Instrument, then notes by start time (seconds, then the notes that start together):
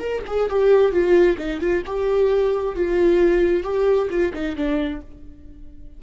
viola
0.00 A#4
0.27 G#4
0.50 G4
0.92 F4
1.38 D#4
1.61 F4
1.86 G4
2.76 F4
3.64 G4
4.10 F4
4.34 D#4
4.56 D4